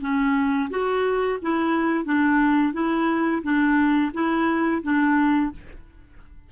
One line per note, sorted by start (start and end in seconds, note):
0.00 0.69 C#4
0.70 1.39 F#4
1.42 2.04 E4
2.04 2.73 D4
2.73 3.42 E4
3.43 4.12 D4
4.13 4.82 E4
4.82 5.51 D4